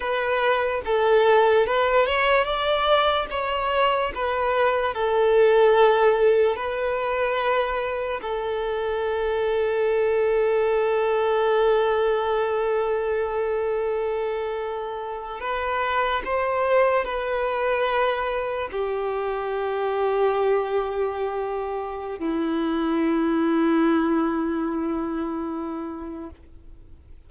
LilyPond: \new Staff \with { instrumentName = "violin" } { \time 4/4 \tempo 4 = 73 b'4 a'4 b'8 cis''8 d''4 | cis''4 b'4 a'2 | b'2 a'2~ | a'1~ |
a'2~ a'8. b'4 c''16~ | c''8. b'2 g'4~ g'16~ | g'2. e'4~ | e'1 | }